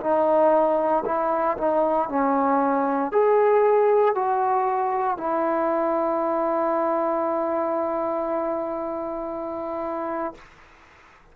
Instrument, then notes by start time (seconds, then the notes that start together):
trombone
0.00 D#4
1.05 E4
1.57 D#4
2.08 C#4
3.11 G#4
4.15 F#4
5.17 E4